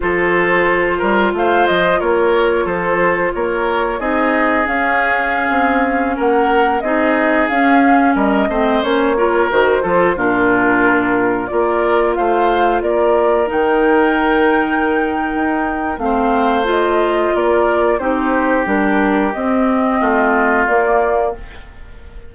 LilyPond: <<
  \new Staff \with { instrumentName = "flute" } { \time 4/4 \tempo 4 = 90 c''2 f''8 dis''8 cis''4 | c''4 cis''4 dis''4 f''4~ | f''4~ f''16 fis''4 dis''4 f''8.~ | f''16 dis''4 cis''4 c''4 ais'8.~ |
ais'4~ ais'16 d''4 f''4 d''8.~ | d''16 g''2.~ g''8. | f''4 dis''4 d''4 c''4 | ais'4 dis''2 d''4 | }
  \new Staff \with { instrumentName = "oboe" } { \time 4/4 a'4. ais'8 c''4 ais'4 | a'4 ais'4 gis'2~ | gis'4~ gis'16 ais'4 gis'4.~ gis'16~ | gis'16 ais'8 c''4 ais'4 a'8 f'8.~ |
f'4~ f'16 ais'4 c''4 ais'8.~ | ais'1 | c''2 ais'4 g'4~ | g'2 f'2 | }
  \new Staff \with { instrumentName = "clarinet" } { \time 4/4 f'1~ | f'2 dis'4 cis'4~ | cis'2~ cis'16 dis'4 cis'8.~ | cis'8. c'8 cis'8 f'8 fis'8 f'8 d'8.~ |
d'4~ d'16 f'2~ f'8.~ | f'16 dis'2.~ dis'8. | c'4 f'2 dis'4 | d'4 c'2 ais4 | }
  \new Staff \with { instrumentName = "bassoon" } { \time 4/4 f4. g8 a8 f8 ais4 | f4 ais4 c'4 cis'4~ | cis'16 c'4 ais4 c'4 cis'8.~ | cis'16 g8 a8 ais4 dis8 f8 ais,8.~ |
ais,4~ ais,16 ais4 a4 ais8.~ | ais16 dis2~ dis8. dis'4 | a2 ais4 c'4 | g4 c'4 a4 ais4 | }
>>